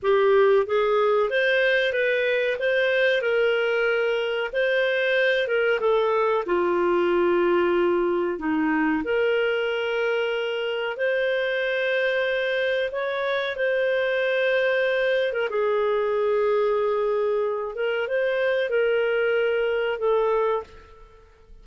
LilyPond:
\new Staff \with { instrumentName = "clarinet" } { \time 4/4 \tempo 4 = 93 g'4 gis'4 c''4 b'4 | c''4 ais'2 c''4~ | c''8 ais'8 a'4 f'2~ | f'4 dis'4 ais'2~ |
ais'4 c''2. | cis''4 c''2~ c''8. ais'16 | gis'2.~ gis'8 ais'8 | c''4 ais'2 a'4 | }